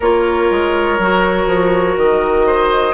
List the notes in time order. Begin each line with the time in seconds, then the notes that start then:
0.00 A#3 F4 A#4 C#5
0.50 G#3
0.99 F#3 F#4
1.46 F3
1.97 D#3 D#5
2.46 C5